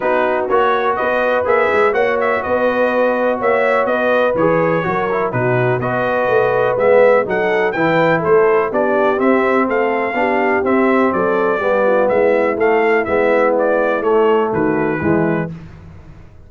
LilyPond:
<<
  \new Staff \with { instrumentName = "trumpet" } { \time 4/4 \tempo 4 = 124 b'4 cis''4 dis''4 e''4 | fis''8 e''8 dis''2 e''4 | dis''4 cis''2 b'4 | dis''2 e''4 fis''4 |
g''4 c''4 d''4 e''4 | f''2 e''4 d''4~ | d''4 e''4 f''4 e''4 | d''4 cis''4 b'2 | }
  \new Staff \with { instrumentName = "horn" } { \time 4/4 fis'2 b'2 | cis''4 b'2 cis''4 | b'2 ais'4 fis'4 | b'2. a'4 |
b'4 a'4 g'2 | a'4 g'2 a'4 | g'8 f'8 e'2.~ | e'2 fis'4 e'4 | }
  \new Staff \with { instrumentName = "trombone" } { \time 4/4 dis'4 fis'2 gis'4 | fis'1~ | fis'4 gis'4 fis'8 e'8 dis'4 | fis'2 b4 dis'4 |
e'2 d'4 c'4~ | c'4 d'4 c'2 | b2 a4 b4~ | b4 a2 gis4 | }
  \new Staff \with { instrumentName = "tuba" } { \time 4/4 b4 ais4 b4 ais8 gis8 | ais4 b2 ais4 | b4 e4 fis4 b,4 | b4 a4 gis4 fis4 |
e4 a4 b4 c'4 | a4 b4 c'4 fis4 | g4 gis4 a4 gis4~ | gis4 a4 dis4 e4 | }
>>